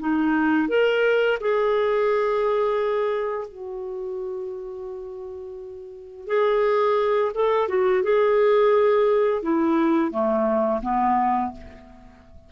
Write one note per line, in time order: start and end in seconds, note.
0.00 0.69 D#4
0.69 1.39 A#4
1.41 3.49 G#4
3.49 6.28 F#4
6.28 7.33 G#4
7.35 7.69 A4
7.69 8.04 F#4
8.04 9.43 G#4
9.43 10.12 E4
10.12 10.81 A3
10.83 11.52 B3